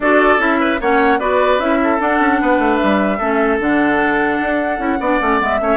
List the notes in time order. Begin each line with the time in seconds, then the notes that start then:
0.00 D4 F#4 A4 D5
0.38 C#4 E4 E5
0.60 B4
0.80 A#3 C#4 C#5 F#5
1.19 B3 F#4 B4 D5
1.58 C#4 E4 E5
1.83 A4
1.99 D4 F#5
2.19 C#4
2.41 B3 B4
2.58 A3
2.76 E5
2.83 G3
3.18 A3 C#4 A4
3.59 D3 D4 F#5
4.41 D4
4.77 C#4 E4
5.00 B3 D4 D5
5.20 A3 C#4
5.39 G#3 B3 E5
5.59 A3 C#4 C#5